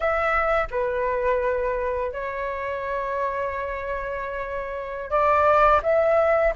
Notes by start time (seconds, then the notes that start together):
0.00 E5
0.71 B4
2.11 C#5
5.10 D5
5.82 E5